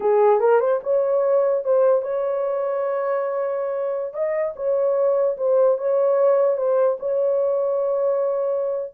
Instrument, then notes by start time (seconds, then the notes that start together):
horn
0.00 G#4
0.39 A#4
0.60 C5
0.83 C#5
1.63 C5
2.02 C#5
4.13 D#5
4.55 C#5
5.37 C5
5.78 C#5
6.57 C5
6.99 C#5